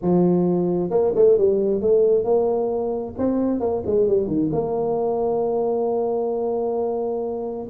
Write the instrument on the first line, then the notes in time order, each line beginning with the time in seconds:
tuba
0.02 F3
0.90 A#3
1.15 A3
1.38 G3
1.81 A3
2.24 A#3
3.17 C4
3.60 A#3
3.86 G#3
4.07 G3
4.27 D#3
4.52 A#3